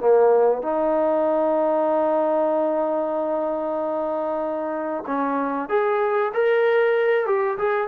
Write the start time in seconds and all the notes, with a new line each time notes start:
0.00 A#3
0.62 D#4
5.07 C#4
5.69 G#4
6.34 A#4
7.26 G4
7.58 G#4